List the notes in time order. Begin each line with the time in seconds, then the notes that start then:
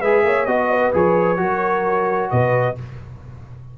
0.00 G#3 G#4 B4 E5
0.24 A#3 C#5
0.45 B3 F#4 D#5
0.71 B4
0.93 F3 G#4 C#5
1.37 F#3 F#4 A#4
2.30 B2 B4 D#5